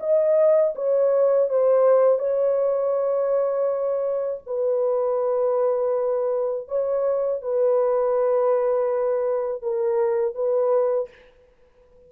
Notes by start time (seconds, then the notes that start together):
0.00 D#5
0.75 C#5
1.49 C5
2.19 C#5
4.46 B4
6.68 C#5
7.42 B4
9.62 A#4
10.35 B4